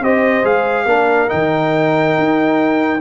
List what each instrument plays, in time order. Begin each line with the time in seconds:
0.00 tuba C4, trombone G4, horn C5, trumpet D#5
0.44 tuba G#3, trombone G#4, trumpet F5
0.86 tuba A#3, trombone D4, horn A#4
1.29 tuba D#3, trombone D#4, trumpet G5
2.19 tuba D#4